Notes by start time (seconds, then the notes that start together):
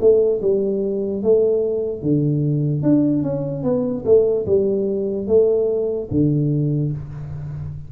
0.00 A3
0.42 G3
1.23 A3
2.02 D3
2.82 D4
3.23 C#4
3.63 B3
4.05 A3
4.46 G3
5.27 A3
6.11 D3